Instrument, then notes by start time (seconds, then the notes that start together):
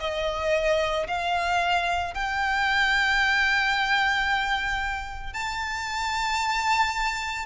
violin
0.00 D#5
1.08 F5
2.14 G5
5.34 A5